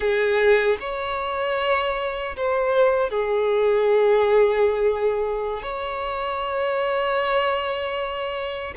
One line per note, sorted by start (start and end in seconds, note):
0.00 0.77 G#4
0.80 2.36 C#5
2.36 3.10 C5
3.10 5.62 G#4
5.62 8.73 C#5